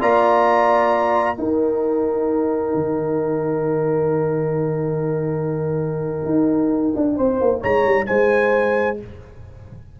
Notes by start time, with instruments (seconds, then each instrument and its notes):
0.00 tuba A#3, trombone F4, horn D5, trumpet A#5
1.35 trombone D#4, tuba D#4, horn A#4, trumpet G5
2.74 tuba D#3
6.25 tuba D#4
6.95 tuba D4
7.15 tuba C4, horn C5
7.41 tuba A#3
7.61 tuba G#3, horn C#5, trumpet A#5
7.84 tuba G3
8.06 tuba G#3, horn C5, trumpet G#5